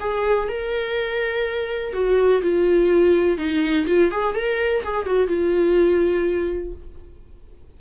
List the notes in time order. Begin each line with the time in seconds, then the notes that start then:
0.00 G#4
0.49 A#4
1.93 F#4
2.42 F4
3.38 D#4
3.87 F4
4.12 G#4
4.35 A#4
4.84 G#4
5.06 F#4
5.28 F4